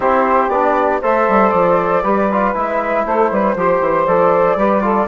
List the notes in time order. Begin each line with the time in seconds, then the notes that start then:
0.00 C4 E4 G4 C5
0.48 B3 D4 D5
1.01 A3 A4 C5 E5
1.28 G3
1.49 F3 D5
2.02 G3 G4 B4
2.32 F4
2.54 G#3 E4 E5
3.05 A3 A4 C5
3.31 G3 B4
3.55 F3 G4 C5
3.80 E3
4.06 F3 A4 D5
4.55 G3 G4 B4
4.81 F4 A4